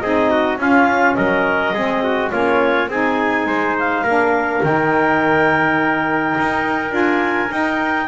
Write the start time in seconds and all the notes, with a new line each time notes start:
0.00 C4 D#4 G#4 D#5
0.31 F#4
0.58 C#4 F4 F5
1.15 F#3 A#4 D#5
1.73 G#3 C4 G#4
2.04 F#4
2.32 A#3 C#4 F4 C#5
2.89 C4 D#4 G#4 G#5
3.46 G#3 C5
3.80 F5
4.04 A#3 D4 A#4
4.64 D#3 D#4 G5
6.39 D#4
6.91 D4 F4 G#5
7.51 D#4 G5